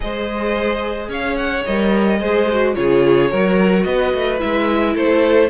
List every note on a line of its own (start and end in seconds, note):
0.00 1.08 G#3
0.00 1.65 G#4
0.00 1.09 C5
0.00 1.10 D#5
1.08 1.63 C#4
1.08 2.19 C#5
1.08 1.36 F5
1.36 1.64 F#5
1.65 2.21 G3
1.65 2.19 A#4
1.65 2.74 D#5
2.19 2.76 G#3
2.19 2.47 G#4
2.19 2.74 C5
2.51 2.75 F#4
2.74 3.31 C#3
2.74 3.30 F4
2.74 3.30 G#4
2.74 3.83 C#5
3.30 3.85 F#3
3.30 4.39 F#4
3.30 3.85 A#4
3.83 4.13 B3
3.83 4.94 B4
3.83 4.38 D#5
4.14 4.41 A3
4.39 4.95 G#3
4.39 5.49 E4
4.39 4.95 E5
4.94 5.49 A3
4.94 5.49 A4
4.94 5.49 C5